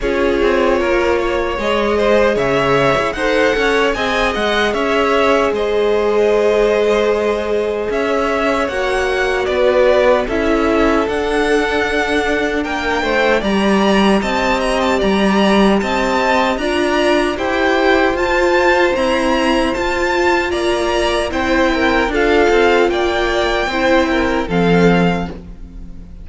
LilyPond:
<<
  \new Staff \with { instrumentName = "violin" } { \time 4/4 \tempo 4 = 76 cis''2 dis''4 e''4 | fis''4 gis''8 fis''8 e''4 dis''4~ | dis''2 e''4 fis''4 | d''4 e''4 fis''2 |
g''4 ais''4 a''8 ais''16 a''16 ais''4 | a''4 ais''4 g''4 a''4 | ais''4 a''4 ais''4 g''4 | f''4 g''2 f''4 | }
  \new Staff \with { instrumentName = "violin" } { \time 4/4 gis'4 ais'8 cis''4 c''8 cis''4 | c''8 cis''8 dis''4 cis''4 c''4~ | c''2 cis''2 | b'4 a'2. |
ais'8 c''8 d''4 dis''4 d''4 | dis''4 d''4 c''2~ | c''2 d''4 c''8 ais'8 | a'4 d''4 c''8 ais'8 a'4 | }
  \new Staff \with { instrumentName = "viola" } { \time 4/4 f'2 gis'2 | a'4 gis'2.~ | gis'2. fis'4~ | fis'4 e'4 d'2~ |
d'4 g'2.~ | g'4 f'4 g'4 f'4 | c'4 f'2 e'4 | f'2 e'4 c'4 | }
  \new Staff \with { instrumentName = "cello" } { \time 4/4 cis'8 c'8 ais4 gis4 cis8. e'16 | dis'8 cis'8 c'8 gis8 cis'4 gis4~ | gis2 cis'4 ais4 | b4 cis'4 d'2 |
ais8 a8 g4 c'4 g4 | c'4 d'4 e'4 f'4 | e'4 f'4 ais4 c'4 | d'8 c'8 ais4 c'4 f4 | }
>>